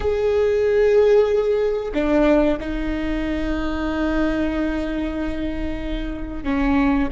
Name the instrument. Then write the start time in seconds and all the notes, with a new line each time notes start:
viola
0.00 G#4
1.94 D4
2.60 D#4
6.43 C#4